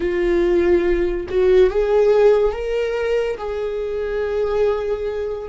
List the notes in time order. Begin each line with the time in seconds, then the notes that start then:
0.00 F4
1.28 F#4
1.69 G#4
2.52 A#4
3.37 G#4